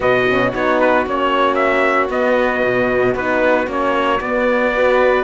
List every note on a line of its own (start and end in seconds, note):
0.00 0.53 B2
0.00 0.26 B3
0.00 4.71 F#4
0.00 0.53 D#5
0.29 0.53 C#4
0.53 1.06 B3
0.53 1.05 D#4
0.53 0.80 C#5
0.80 1.06 B4
1.05 2.09 A#3
1.05 2.10 C#4
1.05 1.54 C#5
1.54 2.07 E5
2.09 2.62 B3
2.09 3.15 B3
2.09 3.16 D#5
2.63 3.14 B2
3.14 3.67 B3
3.14 3.66 D#4
3.14 3.68 B4
3.66 4.20 A#3
3.66 4.19 C#4
3.66 4.21 C#5
4.20 5.24 B3
4.20 4.73 B3
4.20 5.24 D5
4.74 5.24 F#4
4.74 5.24 B4